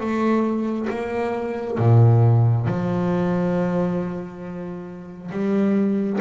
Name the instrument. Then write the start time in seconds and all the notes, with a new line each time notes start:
double bass
0.00 A3
0.90 A#3
1.78 A#2
2.66 F3
5.31 G3